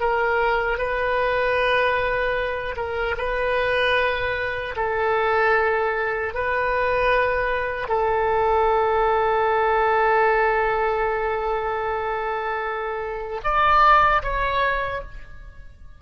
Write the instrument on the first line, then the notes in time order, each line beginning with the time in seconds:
oboe
0.00 A#4
0.78 B4
2.76 A#4
3.17 B4
4.76 A4
6.34 B4
7.88 A4
13.44 D5
14.23 C#5